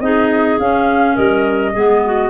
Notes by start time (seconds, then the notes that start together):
0.00 C4 D#4 G#4 D#5
0.59 C#4 F5
1.15 G3 A#4 D#5
1.73 G#3 B3 G#4
2.06 F#4